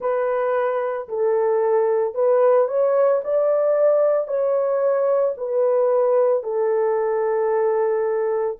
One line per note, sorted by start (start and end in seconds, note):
0.00 1.08 B4
1.08 2.14 A4
2.14 2.67 B4
2.68 3.21 C#5
3.24 4.27 D5
4.27 5.34 C#5
5.37 6.43 B4
6.43 8.57 A4